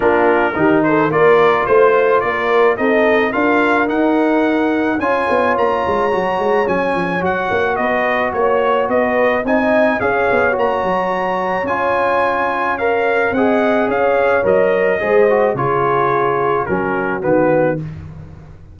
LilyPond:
<<
  \new Staff \with { instrumentName = "trumpet" } { \time 4/4 \tempo 4 = 108 ais'4. c''8 d''4 c''4 | d''4 dis''4 f''4 fis''4~ | fis''4 gis''4 ais''2 | gis''4 fis''4 dis''4 cis''4 |
dis''4 gis''4 f''4 ais''4~ | ais''4 gis''2 f''4 | fis''4 f''4 dis''2 | cis''2 ais'4 b'4 | }
  \new Staff \with { instrumentName = "horn" } { \time 4/4 f'4 g'8 a'8 ais'4 c''4 | ais'4 a'4 ais'2~ | ais'4 cis''2.~ | cis''2 b'4 cis''4 |
b'4 dis''4 cis''2~ | cis''1 | dis''4 cis''2 c''4 | gis'2 fis'2 | }
  \new Staff \with { instrumentName = "trombone" } { \time 4/4 d'4 dis'4 f'2~ | f'4 dis'4 f'4 dis'4~ | dis'4 f'2 fis'4 | cis'4 fis'2.~ |
fis'4 dis'4 gis'4 fis'4~ | fis'4 f'2 ais'4 | gis'2 ais'4 gis'8 fis'8 | f'2 cis'4 b4 | }
  \new Staff \with { instrumentName = "tuba" } { \time 4/4 ais4 dis4 ais4 a4 | ais4 c'4 d'4 dis'4~ | dis'4 cis'8 b8 ais8 gis8 fis8 gis8 | fis8 f8 fis8 ais8 b4 ais4 |
b4 c'4 cis'8 b8 ais8 fis8~ | fis4 cis'2. | c'4 cis'4 fis4 gis4 | cis2 fis4 dis4 | }
>>